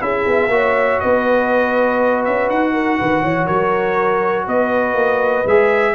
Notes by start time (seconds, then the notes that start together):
0.00 C#4 E4 G#4 E5
0.27 B3
0.48 A#3 F#4
0.54 C#5
1.00 B3 B4 D#5
2.25 C#4 E5
2.49 D#4 F#5
2.73 A#4
2.99 D#3 B4
3.22 E3 C#5
3.46 F#3 A#4 C#5
4.46 B3 B4 D#5
4.94 A#3
5.46 G#3 G#4 E5